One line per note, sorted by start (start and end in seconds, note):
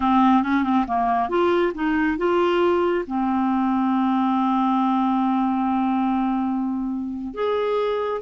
0.00 0.42 C4
0.42 0.63 C#4
0.63 0.85 C4
0.87 1.29 A#3
1.29 1.73 F4
1.74 2.17 D#4
2.17 3.05 F4
3.07 7.34 C4
7.34 8.21 G#4